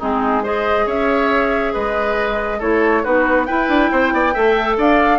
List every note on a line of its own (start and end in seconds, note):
0.00 0.86 G#3
0.00 0.44 C4
0.00 0.43 D#4
0.00 0.44 G#4
0.43 2.61 G#4
0.43 0.86 C5
0.43 0.88 D#5
0.86 1.73 C#4
0.86 1.73 C#5
0.86 1.74 E5
1.73 2.61 G#3
1.73 2.59 B4
1.73 2.61 D#5
2.59 3.05 A3
2.59 3.04 E4
2.59 3.02 A4
2.59 3.05 C#5
3.03 3.49 B3
3.03 3.47 D#4
3.03 3.47 F#4
3.03 3.45 B4
3.45 4.34 E4
3.45 3.69 E4
3.45 3.91 B4
3.45 4.76 G5
3.69 3.90 D4
3.92 4.13 C4
3.92 4.13 C5
4.13 4.35 B3
4.13 4.34 D5
4.34 4.78 A3
4.34 5.19 A4
4.34 4.77 E5
4.78 5.19 D4
4.78 5.19 D5
4.78 5.19 F5